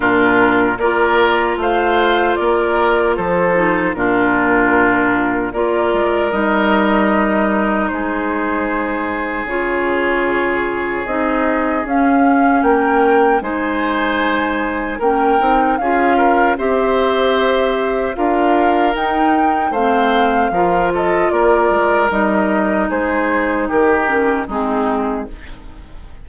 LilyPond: <<
  \new Staff \with { instrumentName = "flute" } { \time 4/4 \tempo 4 = 76 ais'4 d''4 f''4 d''4 | c''4 ais'2 d''4 | dis''2 c''2 | cis''2 dis''4 f''4 |
g''4 gis''2 g''4 | f''4 e''2 f''4 | g''4 f''4. dis''8 d''4 | dis''4 c''4 ais'4 gis'4 | }
  \new Staff \with { instrumentName = "oboe" } { \time 4/4 f'4 ais'4 c''4 ais'4 | a'4 f'2 ais'4~ | ais'2 gis'2~ | gis'1 |
ais'4 c''2 ais'4 | gis'8 ais'8 c''2 ais'4~ | ais'4 c''4 ais'8 a'8 ais'4~ | ais'4 gis'4 g'4 dis'4 | }
  \new Staff \with { instrumentName = "clarinet" } { \time 4/4 d'4 f'2.~ | f'8 dis'8 d'2 f'4 | dis'1 | f'2 dis'4 cis'4~ |
cis'4 dis'2 cis'8 dis'8 | f'4 g'2 f'4 | dis'4 c'4 f'2 | dis'2~ dis'8 cis'8 c'4 | }
  \new Staff \with { instrumentName = "bassoon" } { \time 4/4 ais,4 ais4 a4 ais4 | f4 ais,2 ais8 gis8 | g2 gis2 | cis2 c'4 cis'4 |
ais4 gis2 ais8 c'8 | cis'4 c'2 d'4 | dis'4 a4 f4 ais8 gis8 | g4 gis4 dis4 gis4 | }
>>